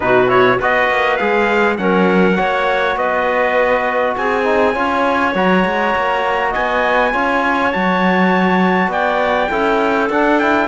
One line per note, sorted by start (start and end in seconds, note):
0.00 0.60 B2
0.00 0.27 D#4
0.00 0.57 F#4
0.00 0.29 B4
0.27 0.57 E4
0.27 0.58 C#5
0.57 0.89 B3
0.57 1.19 F#4
0.57 1.76 B4
0.57 1.16 D#5
0.89 1.19 A#3
1.16 1.78 G#3
1.16 1.78 G#4
1.16 1.76 F5
1.77 2.37 F#3
1.77 2.36 C#4
1.77 2.38 A#4
1.77 2.96 F#5
2.36 2.96 A#3
2.36 4.44 F#4
2.36 2.98 C#5
2.96 4.15 B3
2.96 4.16 B4
2.96 4.15 D#5
4.16 4.75 C4
4.16 4.74 G#4
4.16 5.35 G#5
4.44 4.73 D#4
4.74 5.34 C#4
4.74 5.33 F4
4.74 6.50 C#5
5.34 5.64 F#3
5.34 7.13 F#4
5.34 6.54 A#5
5.65 5.94 G#3
5.95 6.55 A#3
6.50 7.14 B3
6.50 7.09 D#5
6.50 7.72 G#5
7.13 7.73 C#4
7.13 7.72 F4
7.13 8.90 C#5
7.72 8.87 F#3
7.72 9.50 F#4
7.72 8.91 A5
8.87 9.47 B3
8.87 9.50 D5
8.87 10.10 G5
9.50 10.09 C#4
9.50 10.09 E4
9.50 10.67 A4
10.09 10.67 D4
10.09 10.41 D4
10.09 10.39 F#5
10.39 10.67 E4
10.39 10.67 G5